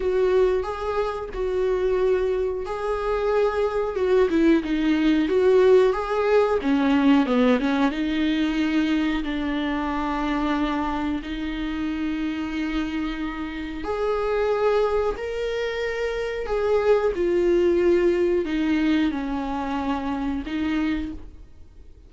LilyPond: \new Staff \with { instrumentName = "viola" } { \time 4/4 \tempo 4 = 91 fis'4 gis'4 fis'2 | gis'2 fis'8 e'8 dis'4 | fis'4 gis'4 cis'4 b8 cis'8 | dis'2 d'2~ |
d'4 dis'2.~ | dis'4 gis'2 ais'4~ | ais'4 gis'4 f'2 | dis'4 cis'2 dis'4 | }